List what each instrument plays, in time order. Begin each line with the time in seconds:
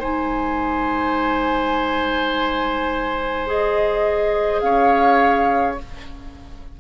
0.00 bassoon G#3, clarinet D#4, oboe C5, flute G#5
3.47 clarinet G#4, flute D#5
4.59 bassoon C#4, oboe C#5, flute F5